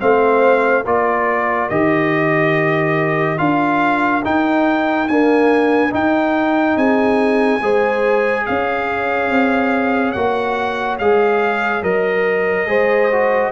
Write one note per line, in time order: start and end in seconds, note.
0.00 0.86 A3
0.00 0.85 C4
0.00 0.85 C5
0.00 0.86 F5
0.85 1.70 A#3
0.85 1.71 F4
0.85 6.77 A#4
0.85 1.70 D5
1.70 3.40 D#3
1.70 3.38 G4
1.70 3.39 D#5
3.38 4.24 D4
3.38 4.22 F4
3.38 4.23 F5
4.24 5.09 D#4
4.24 5.08 G5
5.08 5.91 A#3
5.08 5.94 D4
5.08 5.93 G#5
5.91 7.60 D#4
5.91 6.77 D#4
5.91 6.78 G5
6.77 7.61 C4
6.77 7.62 G#4
6.77 8.46 G#5
7.62 8.46 G#3
7.62 10.16 G#4
7.62 8.46 C5
8.46 9.31 C#4
8.46 12.68 C#5
8.46 10.12 F5
9.31 10.15 C4
10.12 11.00 A#3
10.12 11.00 F#4
10.12 10.97 F#5
10.99 11.83 G#3
10.99 11.83 G#4
10.99 11.83 F5
11.83 12.67 F#3
11.83 12.67 A#4
11.83 13.52 D#5
12.67 13.52 G#3
12.67 13.10 G#4
12.67 13.52 C5
13.12 13.52 F#4